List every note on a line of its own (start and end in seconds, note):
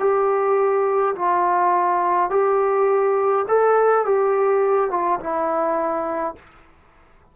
0.00 1.15 G4
1.16 2.31 F4
2.31 3.46 G4
3.48 4.06 A4
4.06 4.91 G4
4.91 5.20 F4
5.20 6.36 E4